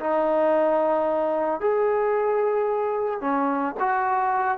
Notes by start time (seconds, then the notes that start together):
0.00 D#4
1.60 G#4
3.21 C#4
3.80 F#4